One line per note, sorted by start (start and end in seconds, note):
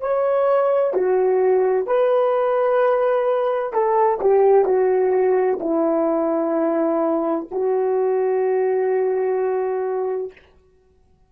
0.00 0.94 C#5
0.94 1.87 F#4
1.87 3.73 B4
3.73 4.20 A4
4.20 4.65 G4
4.65 5.59 F#4
5.60 7.47 E4
7.51 10.32 F#4